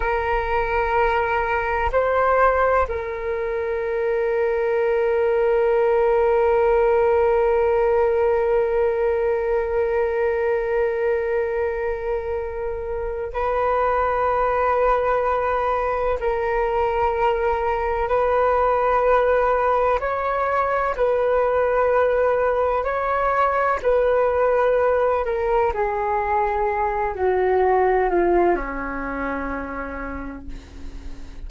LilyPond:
\new Staff \with { instrumentName = "flute" } { \time 4/4 \tempo 4 = 63 ais'2 c''4 ais'4~ | ais'1~ | ais'1~ | ais'2 b'2~ |
b'4 ais'2 b'4~ | b'4 cis''4 b'2 | cis''4 b'4. ais'8 gis'4~ | gis'8 fis'4 f'8 cis'2 | }